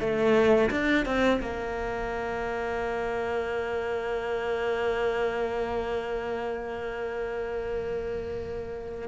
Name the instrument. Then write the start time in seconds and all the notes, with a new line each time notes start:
cello
0.00 A3
0.70 D4
1.05 C4
1.41 A#3